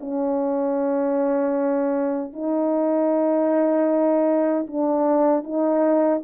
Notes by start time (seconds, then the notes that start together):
0.00 C#4
2.33 D#4
4.67 D4
5.43 D#4